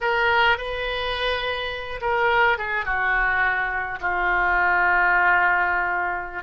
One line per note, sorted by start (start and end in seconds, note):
0.00 0.57 A#4
0.57 2.00 B4
2.01 2.57 A#4
2.57 2.85 G#4
2.85 3.99 F#4
4.01 6.43 F4